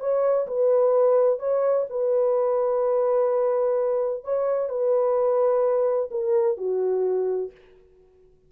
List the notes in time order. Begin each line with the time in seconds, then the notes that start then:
0.00 C#5
0.47 B4
1.39 C#5
1.89 B4
4.24 C#5
4.69 B4
6.11 A#4
6.57 F#4